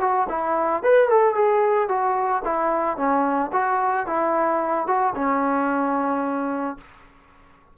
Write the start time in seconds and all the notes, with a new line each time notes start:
0.00 F#4
0.29 E4
0.83 B4
1.09 A4
1.34 G#4
1.88 F#4
2.44 E4
2.97 C#4
3.52 F#4
4.07 E4
4.87 F#4
5.15 C#4